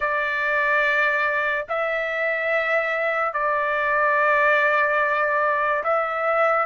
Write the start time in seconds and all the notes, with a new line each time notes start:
0.00 D5
1.68 E5
3.33 D5
5.83 E5